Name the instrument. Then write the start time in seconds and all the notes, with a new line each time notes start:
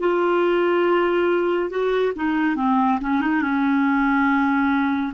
clarinet
0.00 F4
1.70 F#4
2.15 D#4
2.56 C4
3.01 C#4
3.21 D#4
3.42 C#4